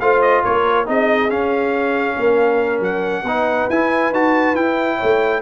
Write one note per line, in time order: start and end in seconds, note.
0.00 0.44 A3
0.00 0.86 F4
0.00 0.44 C5
0.00 0.22 F5
0.22 0.43 D#5
0.44 0.88 A#3
0.44 0.88 A#4
0.44 0.88 C#5
0.86 1.30 C4
0.86 1.29 D#4
0.86 2.16 G#4
0.86 1.31 D#5
1.30 2.17 C#4
1.30 3.26 C#4
1.30 2.83 F5
2.16 2.81 A#3
2.16 3.24 A#4
2.81 3.24 F#3
2.81 3.70 F#5
3.24 3.67 B3
3.24 3.71 D#4
3.24 4.98 B4
3.70 4.11 E4
3.70 4.14 E4
3.70 4.13 G#5
4.11 4.54 D#4
4.11 4.56 F#4
4.11 4.56 A5
4.54 4.98 E4
4.54 5.43 E4
4.54 5.43 G5
4.98 5.43 A3
4.98 5.41 C#5